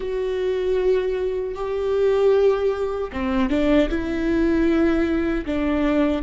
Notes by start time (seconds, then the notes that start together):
0.00 F#4
1.54 G4
3.12 C4
3.49 D4
3.89 E4
5.45 D4